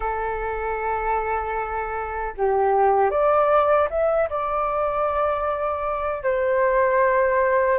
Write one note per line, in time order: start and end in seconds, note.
0.00 2.34 A4
2.37 3.10 G4
3.10 3.88 D5
3.90 4.29 E5
4.29 6.23 D5
6.23 7.79 C5